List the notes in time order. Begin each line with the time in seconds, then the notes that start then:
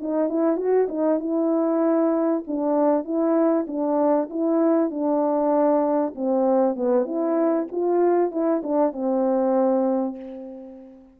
0.00 D#4
0.29 E4
0.57 F#4
0.89 D#4
1.20 E4
2.47 D4
3.04 E4
3.67 D4
4.30 E4
4.91 D4
6.15 C4
6.76 B3
7.05 E4
7.72 F4
8.31 E4
8.63 D4
8.92 C4